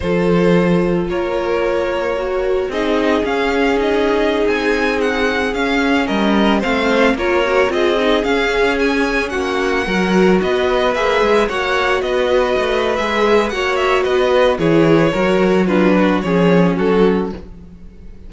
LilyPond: <<
  \new Staff \with { instrumentName = "violin" } { \time 4/4 \tempo 4 = 111 c''2 cis''2~ | cis''4 dis''4 f''4 dis''4~ | dis''16 gis''4 fis''4 f''4 dis''8.~ | dis''16 f''4 cis''4 dis''4 f''8.~ |
f''16 gis''4 fis''2 dis''8.~ | dis''16 e''4 fis''4 dis''4.~ dis''16 | e''4 fis''8 e''8 dis''4 cis''4~ | cis''4 b'4 cis''4 a'4 | }
  \new Staff \with { instrumentName = "violin" } { \time 4/4 a'2 ais'2~ | ais'4 gis'2.~ | gis'2.~ gis'16 ais'8.~ | ais'16 c''4 ais'4 gis'4.~ gis'16~ |
gis'4~ gis'16 fis'4 ais'4 b'8.~ | b'4~ b'16 cis''4 b'4.~ b'16~ | b'4 cis''4 b'4 gis'4 | ais'4 f'8 fis'8 gis'4 fis'4 | }
  \new Staff \with { instrumentName = "viola" } { \time 4/4 f'1 | fis'4 dis'4 cis'4 dis'4~ | dis'2~ dis'16 cis'4.~ cis'16~ | cis'16 c'4 f'8 fis'8 f'8 dis'8 cis'8.~ |
cis'2~ cis'16 fis'4.~ fis'16~ | fis'16 gis'4 fis'2~ fis'8. | gis'4 fis'2 e'4 | fis'4 d'4 cis'2 | }
  \new Staff \with { instrumentName = "cello" } { \time 4/4 f2 ais2~ | ais4 c'4 cis'2~ | cis'16 c'2 cis'4 g8.~ | g16 a4 ais4 c'4 cis'8.~ |
cis'4~ cis'16 ais4 fis4 b8.~ | b16 ais8 gis8 ais4 b4 a8. | gis4 ais4 b4 e4 | fis2 f4 fis4 | }
>>